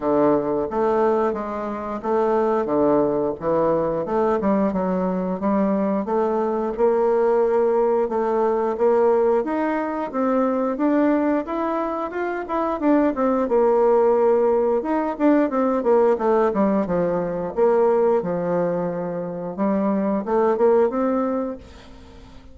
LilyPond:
\new Staff \with { instrumentName = "bassoon" } { \time 4/4 \tempo 4 = 89 d4 a4 gis4 a4 | d4 e4 a8 g8 fis4 | g4 a4 ais2 | a4 ais4 dis'4 c'4 |
d'4 e'4 f'8 e'8 d'8 c'8 | ais2 dis'8 d'8 c'8 ais8 | a8 g8 f4 ais4 f4~ | f4 g4 a8 ais8 c'4 | }